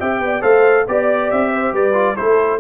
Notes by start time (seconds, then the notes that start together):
0.00 C4 G4 E5 G5
0.21 B3 D5
0.41 A3 A4 C5 F5
0.87 B3 G4 D5
1.31 C4 E5
1.55 C5
1.73 G3 B4 D5
1.94 F4
2.16 A3 E4 A4 C5